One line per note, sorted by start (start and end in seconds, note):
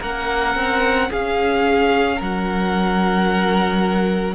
0.00 0.55 A#3
0.00 4.35 C#4
0.00 1.09 A#4
0.00 1.12 F#5
0.55 1.10 C4
1.10 2.21 C#4
1.10 2.17 G#4
1.10 2.22 F5
2.17 4.35 F#3
2.17 4.35 A#4
2.17 4.35 F#5